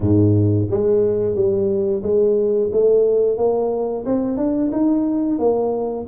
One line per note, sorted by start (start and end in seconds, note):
0.00 0.67 G#2
0.70 1.35 G#3
1.35 2.02 G3
2.02 2.70 G#3
2.72 3.37 A3
3.37 4.04 A#3
4.05 4.37 C4
4.37 4.70 D4
4.72 5.38 D#4
5.38 6.06 A#3